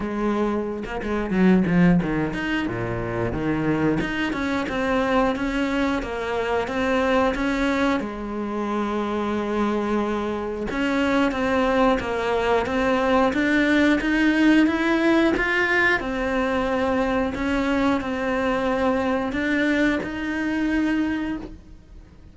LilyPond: \new Staff \with { instrumentName = "cello" } { \time 4/4 \tempo 4 = 90 gis4~ gis16 ais16 gis8 fis8 f8 dis8 dis'8 | ais,4 dis4 dis'8 cis'8 c'4 | cis'4 ais4 c'4 cis'4 | gis1 |
cis'4 c'4 ais4 c'4 | d'4 dis'4 e'4 f'4 | c'2 cis'4 c'4~ | c'4 d'4 dis'2 | }